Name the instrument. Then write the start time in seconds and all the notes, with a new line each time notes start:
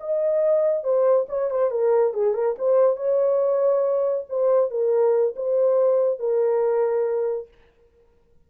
horn
0.00 D#5
0.84 C5
1.29 C#5
1.50 C5
1.71 A#4
2.14 G#4
2.34 A#4
2.58 C5
2.96 C#5
4.29 C5
4.70 A#4
5.36 C5
6.19 A#4